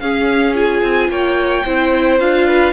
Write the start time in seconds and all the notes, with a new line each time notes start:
0.00 C#4 G#4 F5
0.55 F4 G#5
0.82 C4
1.09 A#3 C#5 G5
1.66 C4 E4 C5
2.20 D4 F4 F5
2.47 B4